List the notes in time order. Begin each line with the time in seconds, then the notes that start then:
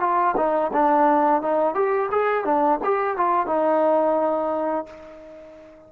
0.00 F4
0.36 D#4
0.73 D4
1.42 D#4
1.75 G4
2.12 G#4
2.45 D4
2.84 G4
3.17 F4
3.47 D#4